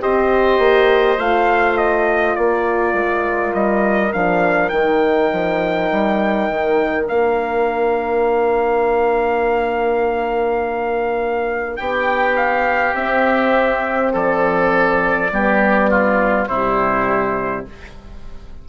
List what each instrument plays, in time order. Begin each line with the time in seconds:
0.00 bassoon C4, horn G4, oboe C5, trumpet D#5
0.59 bassoon A#3
1.18 bassoon A3, horn F4, trumpet F5
1.77 trumpet D#5
2.35 bassoon A#3, oboe A#4, trumpet D5
2.93 bassoon G#3
3.53 bassoon G3, trumpet D#5
4.13 bassoon F3, horn D4, trumpet F5
4.69 bassoon D#3, horn D#4, trumpet G5
5.32 bassoon F3
5.91 bassoon G3
6.49 bassoon D#3
7.06 bassoon A#3, horn D4, trumpet F5
11.76 bassoon B3, oboe G4, trumpet G5
12.36 trumpet F5
12.93 bassoon C4, horn C4, trumpet E5
14.13 bassoon F3, oboe A4, trumpet D5
15.31 bassoon G3, horn B3, oboe G4
15.90 oboe F4
16.47 bassoon C3, horn G3, oboe E4, trumpet C5